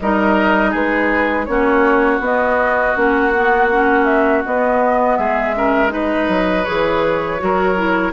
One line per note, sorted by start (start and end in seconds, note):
0.00 0.74 G3
0.00 1.48 D#4
0.00 0.71 A#4
0.00 0.74 D#5
0.71 1.48 G#3
0.71 1.45 G#4
0.71 1.46 B4
1.46 2.20 A#3
1.46 2.22 C#4
1.46 5.19 F#4
1.46 2.20 C#5
2.20 2.94 B3
2.20 2.95 B3
2.20 2.98 D#5
2.95 4.44 A#3
2.95 3.32 C#4
2.95 4.05 F#5
3.35 3.72 B3
3.72 4.45 C#4
4.05 4.42 E5
4.45 5.55 B3
4.45 5.18 B3
4.45 5.17 D#5
5.17 6.28 G#3
5.17 5.56 G#4
5.17 5.91 E5
5.55 5.89 C#4
5.55 5.93 A#4
5.89 6.63 D#4
5.89 7.41 B4
5.89 6.64 D#5
6.28 6.65 F#3
6.64 7.42 E3
6.64 7.39 G#4
6.64 8.12 C#5
7.39 8.13 F#3
7.39 7.76 F#4
7.39 8.13 A#4
7.76 8.13 E4